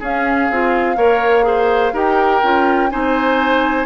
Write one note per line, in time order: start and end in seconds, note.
0.00 0.49 C#4
0.00 0.51 C#4
0.00 0.97 G#4
0.00 1.96 F5
0.50 0.97 C4
0.50 0.96 F4
0.96 1.93 A#3
0.96 1.43 A#4
0.96 1.46 C#5
1.43 1.91 G#4
1.43 1.93 C5
1.93 2.41 D#4
1.93 2.42 G4
1.93 2.90 A#4
1.93 2.91 G5
2.44 2.92 C#4
2.44 2.91 F4
2.91 3.86 C4
2.91 3.86 D#4
2.91 3.86 C5
2.91 3.86 G#5